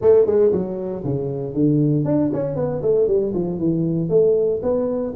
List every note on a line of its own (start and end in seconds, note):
0.01 0.26 A3
0.26 0.51 G#3
0.52 1.03 F#3
1.04 1.53 C#3
1.53 2.05 D3
2.05 2.30 D4
2.33 2.55 C#4
2.55 2.81 B3
2.82 3.07 A3
3.07 3.32 G3
3.34 3.58 F3
3.58 4.09 E3
4.09 4.60 A3
4.62 5.13 B3